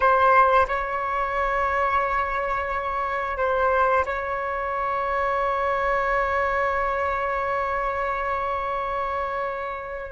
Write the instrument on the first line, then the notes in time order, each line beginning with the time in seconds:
flute
0.00 C5
0.68 C#5
3.37 C5
4.05 C#5